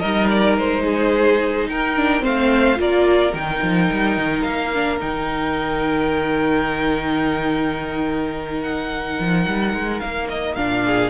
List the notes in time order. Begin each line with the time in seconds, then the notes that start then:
0.00 G3 D#4 A#4 D#5
0.29 D5
0.58 G#3 C5
0.85 G#4
1.67 D#4 A#4 G5
1.97 D4
2.21 A3 C4 C5 F5
2.76 A#3 F4 A#4 D5
3.34 D#3 D#4 G5
3.62 F3
3.92 G3
4.17 D#3
4.42 A#3 F5
4.75 D4
5.00 D#3 D#4 G5
8.62 F#5
9.20 F3
9.47 G3
9.74 G#3
10.00 A#3 F5
10.30 D#5
10.55 A#2 D4 F5
10.85 G#4